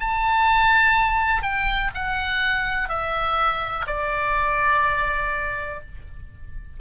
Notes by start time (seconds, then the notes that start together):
0.00 A5
1.42 G5
1.94 F#5
2.89 E5
3.87 D5